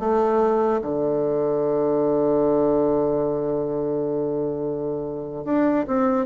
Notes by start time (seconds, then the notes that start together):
0.00 A3
0.82 D3
5.45 D4
5.88 C4